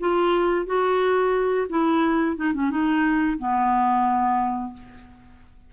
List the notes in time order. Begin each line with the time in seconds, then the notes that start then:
0.00 F4
0.66 F#4
1.69 E4
2.37 D#4
2.54 C#4
2.71 D#4
3.39 B3